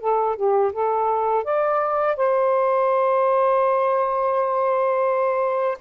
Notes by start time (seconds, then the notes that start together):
0.00 A4
0.36 G4
0.73 A4
1.44 D5
2.17 C5